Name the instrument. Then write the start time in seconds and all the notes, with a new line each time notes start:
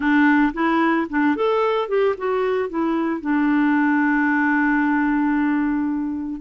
clarinet
0.00 D4
0.53 E4
1.09 D4
1.35 A4
1.88 G4
2.17 F#4
2.69 E4
3.20 D4